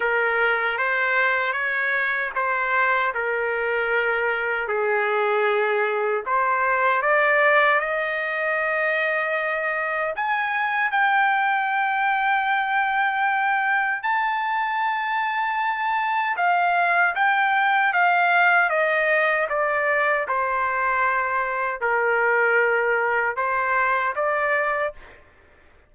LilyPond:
\new Staff \with { instrumentName = "trumpet" } { \time 4/4 \tempo 4 = 77 ais'4 c''4 cis''4 c''4 | ais'2 gis'2 | c''4 d''4 dis''2~ | dis''4 gis''4 g''2~ |
g''2 a''2~ | a''4 f''4 g''4 f''4 | dis''4 d''4 c''2 | ais'2 c''4 d''4 | }